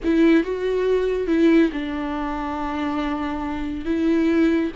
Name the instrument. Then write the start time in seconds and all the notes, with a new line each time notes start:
viola
0.04 E4
0.43 F#4
1.27 E4
1.72 D4
3.85 E4